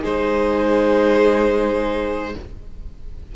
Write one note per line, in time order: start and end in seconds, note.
0.00 2.34 G#3
0.00 2.34 D#4
0.00 2.31 G#4
0.00 2.35 C5